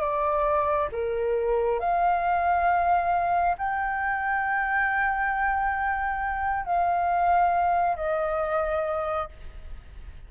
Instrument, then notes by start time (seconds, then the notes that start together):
flute
0.00 D5
0.91 A#4
1.79 F5
3.58 G5
6.65 F5
7.96 D#5